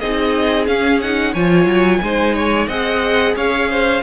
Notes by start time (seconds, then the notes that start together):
0.00 C4 D#4 G#4 D#5
0.67 C#4 F5
1.01 D#4 F#5
1.33 F3 F4 C#5 G#5
1.66 F#3
2.02 G#3 D#4 C5
2.35 C#5
2.68 C4 G#4 D#5 F#5
3.36 C#4 C#5 F5
3.70 C5